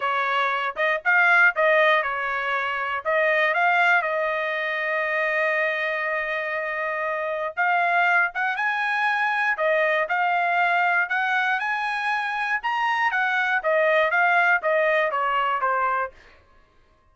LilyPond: \new Staff \with { instrumentName = "trumpet" } { \time 4/4 \tempo 4 = 119 cis''4. dis''8 f''4 dis''4 | cis''2 dis''4 f''4 | dis''1~ | dis''2. f''4~ |
f''8 fis''8 gis''2 dis''4 | f''2 fis''4 gis''4~ | gis''4 ais''4 fis''4 dis''4 | f''4 dis''4 cis''4 c''4 | }